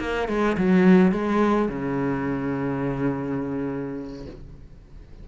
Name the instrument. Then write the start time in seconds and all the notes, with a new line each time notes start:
cello
0.00 A#3
0.29 G#3
0.58 F#3
1.12 G#3
1.69 C#3